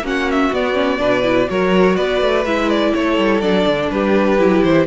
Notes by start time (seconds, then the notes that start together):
0.00 A#3 C#4 F#4
0.07 F#5
0.31 E5
0.52 B3 D5
0.73 C#4
0.98 B2 D4 B4
1.23 E4
1.49 F#3 F#4 A#4 C#5
1.96 B3 B4 D5
2.22 A3
2.45 G#3 E4 E5
2.69 D5
2.94 A3 A4 C#5
3.17 G3
3.41 F#3 D4 D5
3.66 D3
3.90 G3 G4 B4
4.38 F#3 E4
4.62 E3 C5